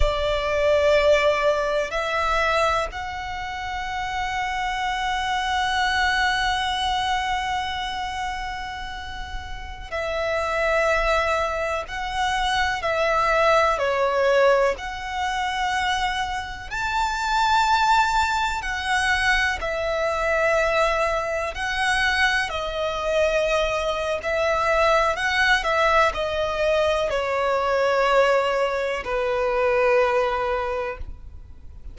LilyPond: \new Staff \with { instrumentName = "violin" } { \time 4/4 \tempo 4 = 62 d''2 e''4 fis''4~ | fis''1~ | fis''2~ fis''16 e''4.~ e''16~ | e''16 fis''4 e''4 cis''4 fis''8.~ |
fis''4~ fis''16 a''2 fis''8.~ | fis''16 e''2 fis''4 dis''8.~ | dis''4 e''4 fis''8 e''8 dis''4 | cis''2 b'2 | }